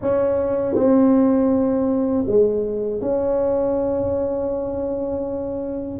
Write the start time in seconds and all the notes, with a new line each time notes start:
0.01 C#4
0.74 C4
2.26 G#3
3.01 C#4